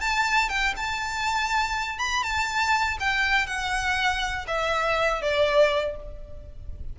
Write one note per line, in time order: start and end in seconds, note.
0.00 0.49 A5
0.49 0.74 G5
0.77 1.99 A5
1.99 2.23 B5
2.23 2.97 A5
3.00 3.47 G5
3.47 4.46 F#5
4.47 5.22 E5
5.22 5.96 D5